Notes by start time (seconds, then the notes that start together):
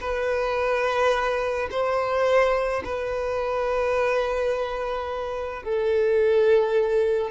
0.00 B4
1.70 C5
2.84 B4
5.63 A4